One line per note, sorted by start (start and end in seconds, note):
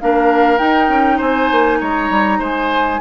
0.00 0.60 A#3
0.00 0.58 D4
0.00 1.17 A#4
0.00 0.58 F5
0.58 3.00 D#4
0.58 0.89 D#4
0.58 1.19 G5
0.89 1.19 C#4
1.17 1.51 C4
1.17 1.78 C5
1.17 1.81 G#5
1.51 1.81 A#3
1.80 2.10 G#3
1.80 2.39 C#5
1.80 2.43 A#5
2.10 2.39 G3
2.39 3.00 G#3
2.39 2.99 C5
2.39 3.01 G#5